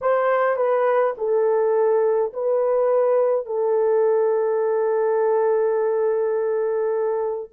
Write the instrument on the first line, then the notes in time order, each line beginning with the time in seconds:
horn
0.01 C5
0.56 B4
1.17 A4
2.33 B4
3.46 A4